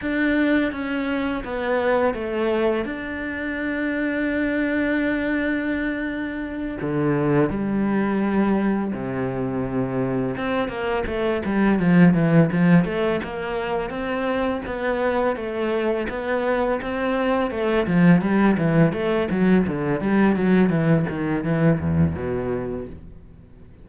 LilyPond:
\new Staff \with { instrumentName = "cello" } { \time 4/4 \tempo 4 = 84 d'4 cis'4 b4 a4 | d'1~ | d'4. d4 g4.~ | g8 c2 c'8 ais8 a8 |
g8 f8 e8 f8 a8 ais4 c'8~ | c'8 b4 a4 b4 c'8~ | c'8 a8 f8 g8 e8 a8 fis8 d8 | g8 fis8 e8 dis8 e8 e,8 b,4 | }